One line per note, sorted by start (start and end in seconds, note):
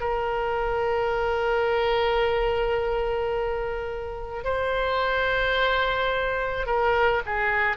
0.00 4.44 A#4
4.44 6.66 C5
6.66 7.22 A#4
7.26 7.77 G#4